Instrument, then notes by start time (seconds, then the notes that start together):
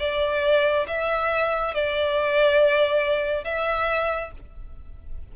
violin
0.00 D5
0.88 E5
1.75 D5
3.45 E5